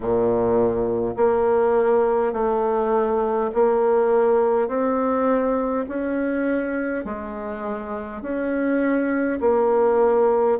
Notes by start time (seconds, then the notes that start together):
0.00 A#2
1.16 A#3
2.33 A3
3.53 A#3
4.67 C4
5.88 C#4
7.04 G#3
8.21 C#4
9.40 A#3